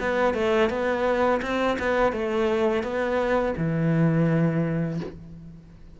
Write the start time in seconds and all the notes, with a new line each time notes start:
0.00 B3
0.34 A3
0.69 B3
1.42 C4
1.79 B3
2.12 A3
2.83 B3
3.57 E3